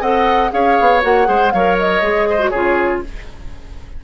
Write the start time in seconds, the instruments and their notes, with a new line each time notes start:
0.00 bassoon C4, clarinet A4, oboe D#5, flute F#5
0.50 bassoon C#4, clarinet G#4, oboe C#5, flute F5
0.80 bassoon B3
1.01 bassoon A#3, clarinet F#4, flute F#5
1.24 bassoon G#3, clarinet G#4, oboe C5
1.51 bassoon F#3, clarinet A#4, oboe C#5, flute F5
1.78 flute D#5
2.01 bassoon G#3, clarinet G#4
2.29 oboe C5
2.38 clarinet F#4
2.49 bassoon C#3, clarinet F4, oboe G#4, flute C#5